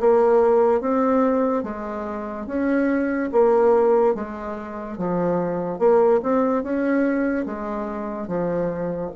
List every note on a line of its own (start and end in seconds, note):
0.00 0.81 A#3
0.81 1.64 C4
1.64 2.47 G#3
2.47 3.30 C#4
3.33 4.15 A#3
4.15 4.98 G#3
4.98 5.79 F3
5.79 6.21 A#3
6.23 6.63 C4
6.63 7.46 C#4
7.46 8.28 G#3
8.28 9.11 F3